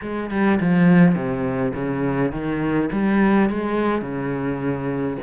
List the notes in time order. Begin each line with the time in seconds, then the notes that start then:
0.01 G#3
0.30 G3
0.60 F3
1.15 C3
1.74 C#3
2.32 D#3
2.91 G3
3.49 G#3
4.01 C#3